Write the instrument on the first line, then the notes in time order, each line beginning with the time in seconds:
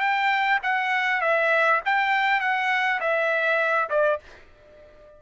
trumpet
0.00 G5
0.63 F#5
1.22 E5
1.85 G5
2.41 F#5
3.01 E5
3.90 D5